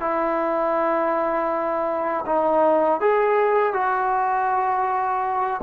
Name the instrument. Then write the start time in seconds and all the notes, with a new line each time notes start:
trombone
0.00 E4
2.26 D#4
3.00 G#4
3.73 F#4